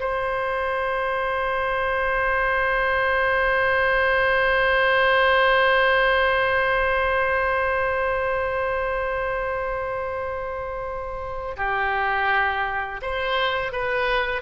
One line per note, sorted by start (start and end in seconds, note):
0.00 11.57 C5
11.57 13.01 G4
13.02 13.73 C5
13.73 14.42 B4